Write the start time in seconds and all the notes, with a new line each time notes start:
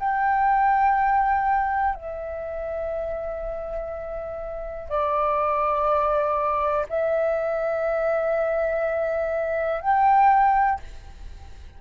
0.00 G5
1.95 E5
4.90 D5
6.89 E5
9.81 G5